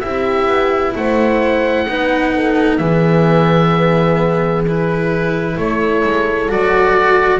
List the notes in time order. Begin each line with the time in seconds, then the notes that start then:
0.00 C4 E4 G4 E5
0.47 B3
0.95 A3 C5 F#5
1.88 B3 D#4 B4
2.35 A4
2.78 E3 B3 G#4 E5
4.68 E4 B4
5.57 A3 A4 C#5
6.04 G#3
6.48 F#3 F#4 D5